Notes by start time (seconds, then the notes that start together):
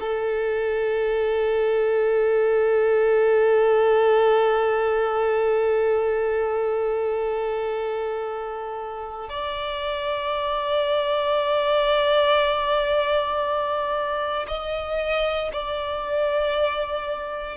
0.00 A4
9.29 D5
14.48 D#5
15.53 D5